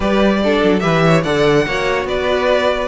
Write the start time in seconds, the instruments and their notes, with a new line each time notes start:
0.00 cello G3, viola G4, violin B4 D5
0.43 viola D4, violin A4
0.63 cello F#3
0.79 cello E3, viola G4, violin B4 E5
1.06 violin C#5
1.23 cello D3, viola A4, violin D5 F#5
1.66 cello A#3, viola F#4, violin C#5
2.05 cello B3, violin B4 D5